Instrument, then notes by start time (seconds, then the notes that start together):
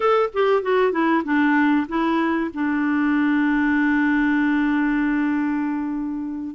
clarinet
0.00 A4
0.33 G4
0.62 F#4
0.91 E4
1.24 D4
1.88 E4
2.53 D4